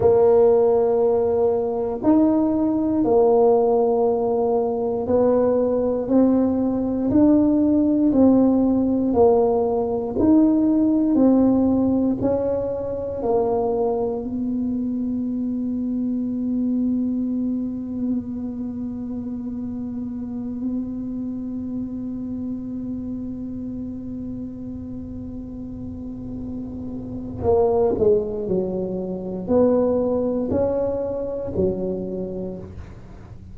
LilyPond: \new Staff \with { instrumentName = "tuba" } { \time 4/4 \tempo 4 = 59 ais2 dis'4 ais4~ | ais4 b4 c'4 d'4 | c'4 ais4 dis'4 c'4 | cis'4 ais4 b2~ |
b1~ | b1~ | b2. ais8 gis8 | fis4 b4 cis'4 fis4 | }